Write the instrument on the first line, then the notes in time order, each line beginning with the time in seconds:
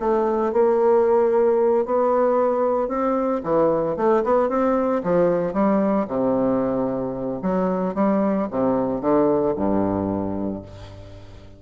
bassoon
0.00 A3
0.53 A#3
1.86 B3
2.89 C4
3.44 E3
3.97 A3
4.24 B3
4.49 C4
5.03 F3
5.53 G3
6.08 C3
7.43 F#3
7.95 G3
8.51 C3
9.01 D3
9.56 G2